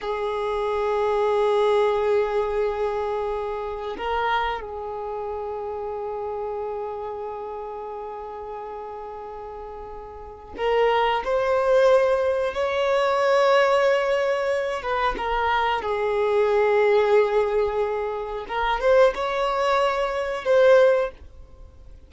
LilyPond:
\new Staff \with { instrumentName = "violin" } { \time 4/4 \tempo 4 = 91 gis'1~ | gis'2 ais'4 gis'4~ | gis'1~ | gis'1 |
ais'4 c''2 cis''4~ | cis''2~ cis''8 b'8 ais'4 | gis'1 | ais'8 c''8 cis''2 c''4 | }